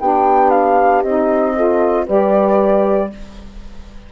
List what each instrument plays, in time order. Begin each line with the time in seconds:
0.00 bassoon B3, saxophone D4, horn G4, flute G5
0.51 flute F5
1.03 bassoon C4, saxophone D#4, flute D#5
1.56 saxophone F4, horn A4
2.06 bassoon G3, saxophone G4, horn B4, flute D5